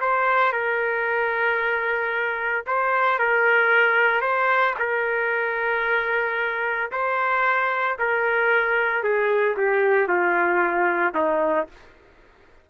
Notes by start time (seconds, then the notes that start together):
0.00 C5
0.52 A#4
2.66 C5
3.19 A#4
4.21 C5
4.79 A#4
6.91 C5
7.98 A#4
9.03 G#4
9.56 G4
10.08 F4
11.14 D#4